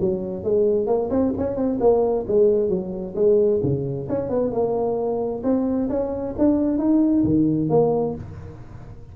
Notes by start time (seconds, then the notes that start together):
0.00 F#3
0.44 G#3
0.86 A#3
1.10 C4
1.38 C#4
1.56 C4
1.80 A#3
2.27 G#3
2.69 F#3
3.15 G#3
3.63 C#3
4.09 C#4
4.29 B3
4.51 A#3
5.43 C4
5.89 C#4
6.38 D4
6.78 D#4
7.24 D#3
7.69 A#3